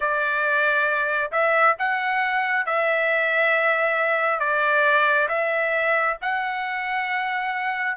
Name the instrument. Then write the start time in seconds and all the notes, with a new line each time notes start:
trumpet
0.00 D5
1.31 E5
1.78 F#5
2.66 E5
4.39 D5
5.28 E5
6.21 F#5